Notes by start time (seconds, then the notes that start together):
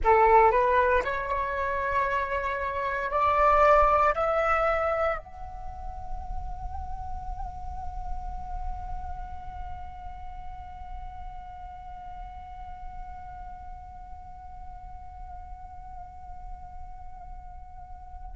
0.04 A4
0.51 B4
1.04 C#5
3.10 D5
4.14 E5
5.18 F#5